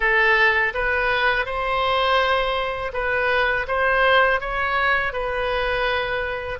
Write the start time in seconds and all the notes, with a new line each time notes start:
0.00 A4
0.74 B4
1.45 C5
2.93 B4
3.68 C5
4.40 C#5
5.12 B4